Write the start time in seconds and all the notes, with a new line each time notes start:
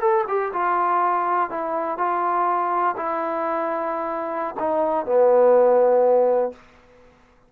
0.00 A4
0.27 G4
0.53 F4
1.50 E4
1.98 F4
2.96 E4
4.59 D#4
5.06 B3